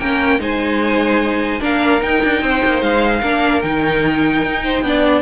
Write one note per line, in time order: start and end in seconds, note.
0.00 0.40 A#3
0.00 0.40 C#4
0.00 0.41 A#4
0.00 0.40 G5
0.40 1.60 G#3
0.40 1.60 D#4
0.40 1.61 C5
0.40 1.64 G#5
1.61 2.02 A#3
1.61 2.00 D4
1.61 2.42 A#4
1.61 2.02 F5
2.00 3.21 D#4
2.00 2.23 D#4
2.00 2.82 G5
2.24 2.42 D4
2.42 2.62 C4
2.42 3.21 C5
2.65 2.82 A#3
2.82 3.22 G#3
2.82 3.62 F5
3.21 3.63 A#3
3.21 3.64 D4
3.21 4.62 A#4
3.62 4.43 D#3
3.62 4.84 D#4
3.62 5.23 G5
4.43 4.82 D#4
4.64 4.84 C5
4.82 5.23 B3
4.82 5.23 D4
4.82 5.23 D5